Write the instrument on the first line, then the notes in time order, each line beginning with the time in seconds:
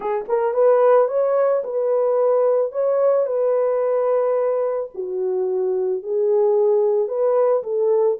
horn
0.00 G#4
0.28 A#4
0.53 B4
1.08 C#5
1.64 B4
2.71 C#5
3.26 B4
4.94 F#4
6.02 G#4
7.08 B4
7.63 A4